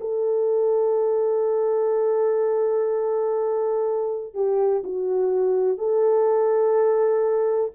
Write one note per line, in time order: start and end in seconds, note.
0.00 4.34 A4
4.34 4.82 G4
4.83 5.77 F#4
5.77 7.71 A4